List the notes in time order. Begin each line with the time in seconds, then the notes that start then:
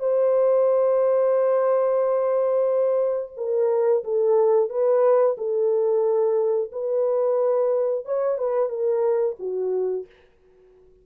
0.00 C5
3.37 A#4
4.04 A4
4.70 B4
5.38 A4
6.72 B4
8.05 C#5
8.38 B4
8.69 A#4
9.39 F#4